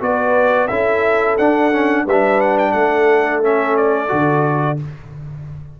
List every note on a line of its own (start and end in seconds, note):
0.00 0.69 B3
0.00 0.68 F#4
0.00 0.70 B4
0.00 0.67 D5
0.67 1.37 C#4
0.67 1.38 E4
0.67 2.04 A4
0.67 1.35 E5
1.37 2.05 D4
1.37 1.72 D4
1.37 2.06 F#5
1.72 2.06 C#4
2.04 2.73 G3
2.04 2.72 B4
2.04 2.40 E5
2.11 3.42 D4
2.40 2.57 F#5
2.58 2.71 G5
2.71 4.10 A3
2.71 4.76 A4
2.71 3.39 F#5
3.42 4.08 C#4
3.42 3.76 E5
3.76 4.79 D5
4.08 4.80 D3
4.08 4.76 F#4